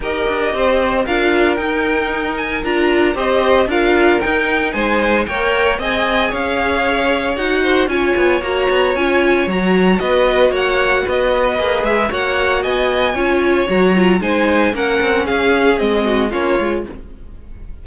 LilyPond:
<<
  \new Staff \with { instrumentName = "violin" } { \time 4/4 \tempo 4 = 114 dis''2 f''4 g''4~ | g''8 gis''8 ais''4 dis''4 f''4 | g''4 gis''4 g''4 gis''4 | f''2 fis''4 gis''4 |
ais''4 gis''4 ais''4 dis''4 | fis''4 dis''4. e''8 fis''4 | gis''2 ais''4 gis''4 | fis''4 f''4 dis''4 cis''4 | }
  \new Staff \with { instrumentName = "violin" } { \time 4/4 ais'4 c''4 ais'2~ | ais'2 c''4 ais'4~ | ais'4 c''4 cis''4 dis''4 | cis''2~ cis''8 c''8 cis''4~ |
cis''2. b'4 | cis''4 b'2 cis''4 | dis''4 cis''2 c''4 | ais'4 gis'4. fis'8 f'4 | }
  \new Staff \with { instrumentName = "viola" } { \time 4/4 g'2 f'4 dis'4~ | dis'4 f'4 g'4 f'4 | dis'2 ais'4 gis'4~ | gis'2 fis'4 f'4 |
fis'4 f'4 fis'2~ | fis'2 gis'4 fis'4~ | fis'4 f'4 fis'8 f'8 dis'4 | cis'2 c'4 cis'8 f'8 | }
  \new Staff \with { instrumentName = "cello" } { \time 4/4 dis'8 d'8 c'4 d'4 dis'4~ | dis'4 d'4 c'4 d'4 | dis'4 gis4 ais4 c'4 | cis'2 dis'4 cis'8 b8 |
ais8 b8 cis'4 fis4 b4 | ais4 b4 ais8 gis8 ais4 | b4 cis'4 fis4 gis4 | ais8 c'8 cis'4 gis4 ais8 gis8 | }
>>